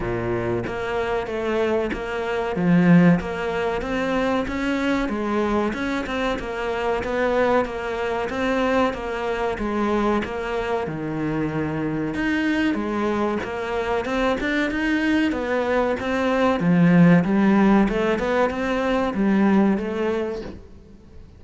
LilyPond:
\new Staff \with { instrumentName = "cello" } { \time 4/4 \tempo 4 = 94 ais,4 ais4 a4 ais4 | f4 ais4 c'4 cis'4 | gis4 cis'8 c'8 ais4 b4 | ais4 c'4 ais4 gis4 |
ais4 dis2 dis'4 | gis4 ais4 c'8 d'8 dis'4 | b4 c'4 f4 g4 | a8 b8 c'4 g4 a4 | }